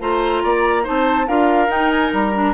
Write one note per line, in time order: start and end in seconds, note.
0.00 0.43 A3
0.00 0.84 F4
0.00 0.43 C5
0.00 0.85 A#5
0.43 0.87 A#3
0.43 0.83 D5
0.83 1.28 C4
0.83 1.26 D#4
0.83 1.26 C5
0.83 1.27 A5
1.27 1.68 D4
1.27 1.68 F4
1.27 2.54 A#4
1.27 1.70 F5
1.68 2.10 D#4
1.68 2.32 D#4
1.68 1.90 G5
1.90 2.11 G#5
2.13 2.54 G3
2.13 2.54 A#5
2.33 2.54 D4